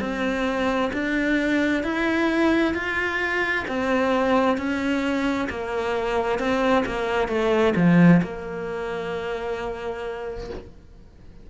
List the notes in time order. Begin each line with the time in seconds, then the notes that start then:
0.00 C4
0.93 D4
1.83 E4
2.74 F4
3.68 C4
4.57 C#4
5.49 A#3
6.39 C4
6.86 A#3
7.28 A3
7.76 F3
8.22 A#3